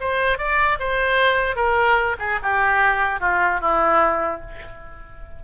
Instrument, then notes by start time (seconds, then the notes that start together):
oboe
0.00 C5
0.38 D5
0.79 C5
1.56 A#4
2.19 G#4
2.42 G4
3.20 F4
3.60 E4